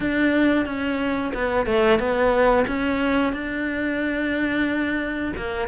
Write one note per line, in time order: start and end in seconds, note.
0.00 0.65 D4
0.65 1.32 C#4
1.33 1.66 B3
1.66 1.98 A3
1.98 2.65 B3
2.67 3.32 C#4
3.32 5.32 D4
5.36 5.68 A#3